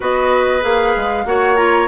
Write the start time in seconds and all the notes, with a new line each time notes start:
0.00 B3 F#4 B4 D#5
0.61 A#3 G#4 F5
0.96 G#3
1.25 A#3 F#4 C#5 F#5
1.56 F4 A#5